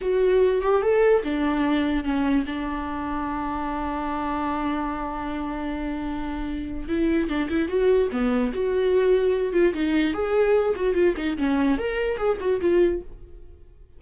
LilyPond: \new Staff \with { instrumentName = "viola" } { \time 4/4 \tempo 4 = 148 fis'4. g'8 a'4 d'4~ | d'4 cis'4 d'2~ | d'1~ | d'1~ |
d'4 e'4 d'8 e'8 fis'4 | b4 fis'2~ fis'8 f'8 | dis'4 gis'4. fis'8 f'8 dis'8 | cis'4 ais'4 gis'8 fis'8 f'4 | }